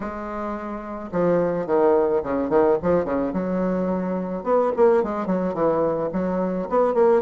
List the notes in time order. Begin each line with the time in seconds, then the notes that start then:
0.00 G#3
1.12 F3
1.66 D#3
2.23 C#3
2.49 D#3
2.82 F3
3.05 C#3
3.33 F#3
4.43 B3
4.76 A#3
5.03 G#3
5.26 F#3
5.54 E3
6.13 F#3
6.69 B3
6.94 A#3